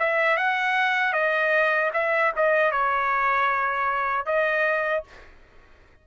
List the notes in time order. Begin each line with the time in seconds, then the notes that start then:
0.00 E5
0.38 F#5
1.14 D#5
1.94 E5
2.37 D#5
2.72 C#5
4.26 D#5